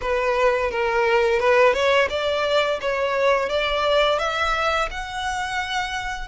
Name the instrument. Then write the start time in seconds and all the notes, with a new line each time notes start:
violin
0.01 B4
0.70 A#4
1.39 B4
1.73 C#5
2.09 D5
2.81 C#5
3.49 D5
4.19 E5
4.90 F#5